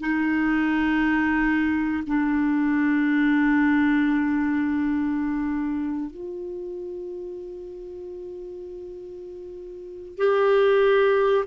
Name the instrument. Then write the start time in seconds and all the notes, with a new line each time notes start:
clarinet
0.00 D#4
2.07 D4
6.10 F4
10.17 G4